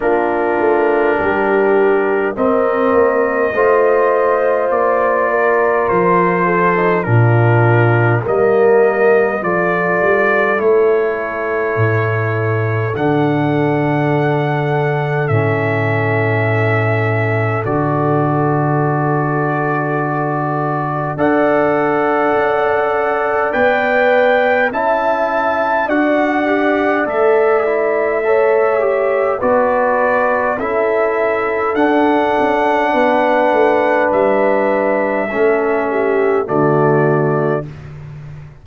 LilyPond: <<
  \new Staff \with { instrumentName = "trumpet" } { \time 4/4 \tempo 4 = 51 ais'2 dis''2 | d''4 c''4 ais'4 dis''4 | d''4 cis''2 fis''4~ | fis''4 e''2 d''4~ |
d''2 fis''2 | g''4 a''4 fis''4 e''4~ | e''4 d''4 e''4 fis''4~ | fis''4 e''2 d''4 | }
  \new Staff \with { instrumentName = "horn" } { \time 4/4 f'4 g'4 ais'4 c''4~ | c''8 ais'4 a'8 f'4 ais'4 | a'1~ | a'1~ |
a'2 d''2~ | d''4 e''4 d''2 | cis''4 b'4 a'2 | b'2 a'8 g'8 fis'4 | }
  \new Staff \with { instrumentName = "trombone" } { \time 4/4 d'2 c'4 f'4~ | f'4.~ f'16 dis'16 d'4 ais4 | f'4 e'2 d'4~ | d'4 cis'2 fis'4~ |
fis'2 a'2 | b'4 e'4 fis'8 g'8 a'8 e'8 | a'8 g'8 fis'4 e'4 d'4~ | d'2 cis'4 a4 | }
  \new Staff \with { instrumentName = "tuba" } { \time 4/4 ais8 a8 g4 c'8 ais8 a4 | ais4 f4 ais,4 g4 | f8 g8 a4 a,4 d4~ | d4 a,2 d4~ |
d2 d'4 cis'4 | b4 cis'4 d'4 a4~ | a4 b4 cis'4 d'8 cis'8 | b8 a8 g4 a4 d4 | }
>>